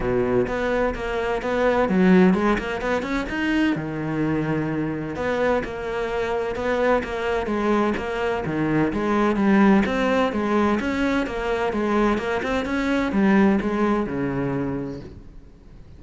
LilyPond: \new Staff \with { instrumentName = "cello" } { \time 4/4 \tempo 4 = 128 b,4 b4 ais4 b4 | fis4 gis8 ais8 b8 cis'8 dis'4 | dis2. b4 | ais2 b4 ais4 |
gis4 ais4 dis4 gis4 | g4 c'4 gis4 cis'4 | ais4 gis4 ais8 c'8 cis'4 | g4 gis4 cis2 | }